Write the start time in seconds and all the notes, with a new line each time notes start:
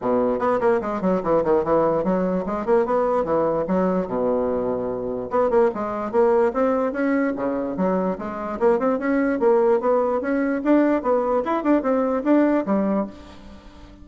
0.01 B2
0.39 B3
0.60 A#3
0.81 G#3
1.01 F#3
1.23 E3
1.43 D#3
1.64 E3
2.03 F#3
2.45 G#3
2.65 A#3
2.85 B3
3.24 E3
3.67 F#3
4.07 B2
5.30 B3
5.50 A#3
5.74 G#3
6.11 A#3
6.53 C4
6.92 C#4
7.35 C#3
7.76 F#3
8.18 G#3
8.59 A#3
8.79 C4
8.98 C#4
9.39 A#3
9.80 B3
10.21 C#4
10.64 D4
11.02 B3
11.44 E4
11.63 D4
11.82 C4
12.23 D4
12.66 G3